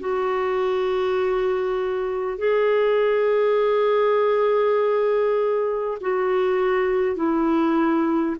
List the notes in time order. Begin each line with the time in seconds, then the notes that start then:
0.00 F#4
2.38 G#4
6.01 F#4
7.16 E4